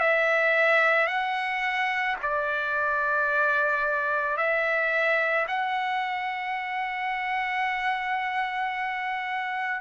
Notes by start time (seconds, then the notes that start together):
0.00 E5
1.07 F#5
2.22 D5
4.37 E5
5.48 F#5